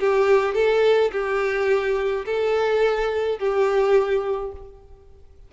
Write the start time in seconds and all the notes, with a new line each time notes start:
0.00 G4
0.55 A4
1.12 G4
2.26 A4
3.39 G4